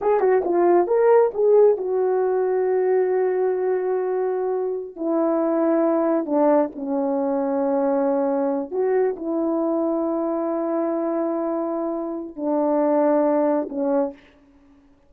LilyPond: \new Staff \with { instrumentName = "horn" } { \time 4/4 \tempo 4 = 136 gis'8 fis'8 f'4 ais'4 gis'4 | fis'1~ | fis'2.~ fis'16 e'8.~ | e'2~ e'16 d'4 cis'8.~ |
cis'2.~ cis'8. fis'16~ | fis'8. e'2.~ e'16~ | e'1 | d'2. cis'4 | }